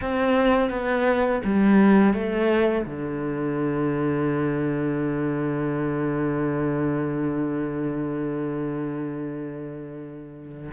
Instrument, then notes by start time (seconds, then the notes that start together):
cello
0.01 C4
0.69 B3
1.44 G3
2.13 A3
2.85 D3